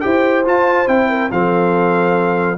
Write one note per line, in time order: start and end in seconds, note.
0.00 0.46 E4
0.00 0.44 G4
0.00 1.09 C5
0.00 0.43 G5
0.45 0.87 F4
0.45 0.88 A5
0.87 1.30 C4
0.87 1.30 E4
0.87 1.31 G5
1.09 1.31 A#4
1.31 2.57 F3
1.31 2.57 C4
1.31 2.57 A4
1.31 2.57 F5